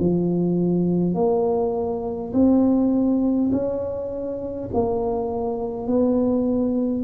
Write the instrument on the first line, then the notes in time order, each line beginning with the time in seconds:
tuba
0.00 F3
1.15 A#3
2.34 C4
3.52 C#4
4.74 A#3
5.88 B3